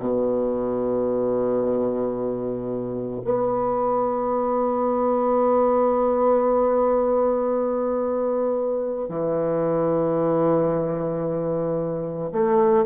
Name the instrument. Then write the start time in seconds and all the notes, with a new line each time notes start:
bassoon
0.00 B2
3.25 B3
9.09 E3
12.32 A3